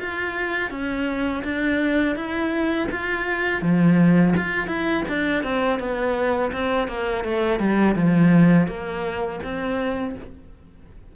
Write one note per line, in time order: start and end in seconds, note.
0.00 0.71 F4
0.71 1.43 C#4
1.45 2.16 D4
2.16 2.88 E4
2.92 3.62 F4
3.62 4.35 F3
4.37 4.68 F4
4.68 5.04 E4
5.09 5.43 D4
5.43 5.80 C4
5.80 6.52 B3
6.53 6.88 C4
6.88 7.25 A#3
7.25 7.60 A3
7.60 7.96 G3
7.96 8.68 F3
8.68 9.40 A#3
9.44 10.16 C4